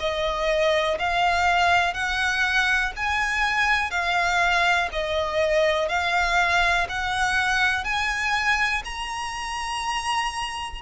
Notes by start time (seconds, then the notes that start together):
0.00 D#5
0.99 F5
1.94 F#5
2.96 G#5
3.91 F5
4.92 D#5
5.89 F5
6.89 F#5
7.84 G#5
8.85 A#5